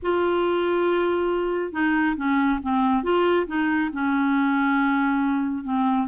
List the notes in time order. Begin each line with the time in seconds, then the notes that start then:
0.02 F4
1.72 D#4
2.16 C#4
2.62 C4
3.03 F4
3.47 D#4
3.92 C#4
5.64 C4